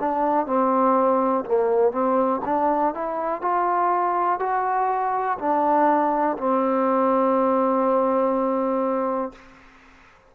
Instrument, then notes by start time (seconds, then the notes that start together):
trombone
0.00 D4
0.46 C4
1.45 A#3
1.92 C4
2.45 D4
2.94 E4
3.42 F4
4.39 F#4
5.39 D4
6.38 C4